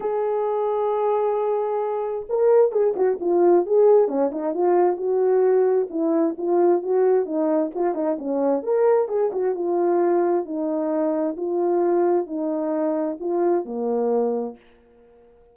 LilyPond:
\new Staff \with { instrumentName = "horn" } { \time 4/4 \tempo 4 = 132 gis'1~ | gis'4 ais'4 gis'8 fis'8 f'4 | gis'4 cis'8 dis'8 f'4 fis'4~ | fis'4 e'4 f'4 fis'4 |
dis'4 f'8 dis'8 cis'4 ais'4 | gis'8 fis'8 f'2 dis'4~ | dis'4 f'2 dis'4~ | dis'4 f'4 ais2 | }